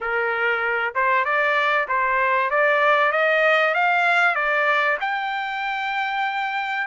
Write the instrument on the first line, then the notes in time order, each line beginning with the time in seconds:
trumpet
0.00 A#4
0.94 C5
1.24 D5
1.88 C5
2.50 D5
3.11 D#5
3.74 F5
4.35 D5
5.00 G5